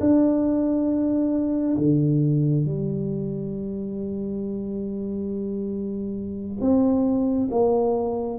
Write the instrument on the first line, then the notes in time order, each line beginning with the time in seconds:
tuba
0.00 D4
1.78 D3
2.66 G3
6.61 C4
7.51 A#3